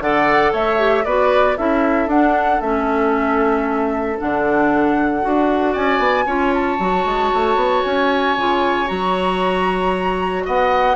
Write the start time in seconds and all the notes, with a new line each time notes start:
0.00 D3 A4 D5 F#5
0.52 A3 C#5 E5
0.78 G4
1.05 B3 F#4 B4 D5
1.57 C#4 E4 A4 E5
2.07 D4 F#5
2.61 A3 C#4 E5
4.18 D3 D4 F#5
5.22 D4 F#4
5.72 C#4 D5 G#5
5.99 B3
6.26 C#4 F4 C#5
6.54 A5
6.79 F#3 F#4
7.05 G#3
7.34 A3
7.55 B3
7.84 C#4 G#5
8.37 C#3 F4
8.86 F#3 F#4 A#5
10.45 B3 D#5 F#5